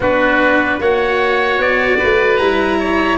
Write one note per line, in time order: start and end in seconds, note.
0.00 0.79 B3
0.00 0.81 D4
0.00 0.80 F#4
0.00 0.82 B4
0.79 1.58 A#3
0.79 2.40 F#4
0.79 1.98 C#5
0.79 1.61 F#5
1.58 1.98 B3
1.58 2.37 D5
1.98 2.39 A3
1.98 2.78 B4
2.37 3.18 G3
2.37 3.18 E4
2.37 3.17 A#5
2.79 3.18 C#5